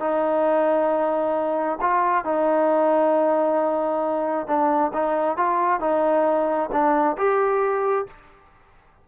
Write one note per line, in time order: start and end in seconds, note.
0.00 1.79 D#4
1.81 2.24 F4
2.24 4.47 D#4
4.47 4.92 D4
4.93 5.37 D#4
5.37 5.80 F4
5.80 6.70 D#4
6.72 7.17 D4
7.17 8.07 G4